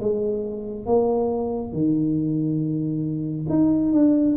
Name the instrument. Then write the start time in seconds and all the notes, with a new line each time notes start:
tuba
0.00 G#3
0.86 A#3
1.72 D#3
3.49 D#4
3.92 D4